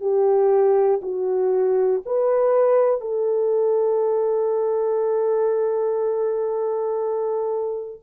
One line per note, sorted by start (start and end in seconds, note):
0.00 1.00 G4
1.02 2.02 F#4
2.05 3.00 B4
3.00 8.00 A4